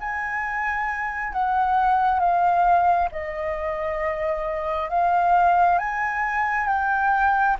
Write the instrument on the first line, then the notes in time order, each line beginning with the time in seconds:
flute
0.00 G#5
1.33 F#5
2.20 F5
3.12 D#5
4.90 F5
5.79 G#5
6.68 G5